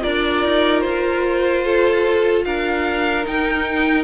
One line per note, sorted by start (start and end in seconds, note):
0.00 0.44 D4
0.00 3.23 F4
0.00 1.64 A#4
0.00 0.80 D5
0.44 0.83 D#4
0.80 2.45 F4
0.80 2.42 C5
1.64 2.45 A4
2.44 3.26 D4
2.44 4.03 A#4
2.44 3.25 F5
3.23 4.03 D#4
3.23 4.03 G5